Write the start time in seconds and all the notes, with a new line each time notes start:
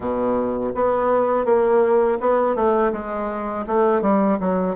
0.00 B2
0.75 B3
1.45 A#3
2.20 B3
2.55 A3
2.92 G#3
3.66 A3
4.01 G3
4.40 F#3